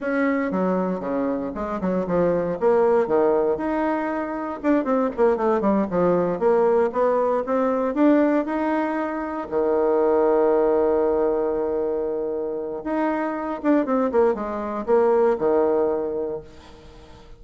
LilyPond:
\new Staff \with { instrumentName = "bassoon" } { \time 4/4 \tempo 4 = 117 cis'4 fis4 cis4 gis8 fis8 | f4 ais4 dis4 dis'4~ | dis'4 d'8 c'8 ais8 a8 g8 f8~ | f8 ais4 b4 c'4 d'8~ |
d'8 dis'2 dis4.~ | dis1~ | dis4 dis'4. d'8 c'8 ais8 | gis4 ais4 dis2 | }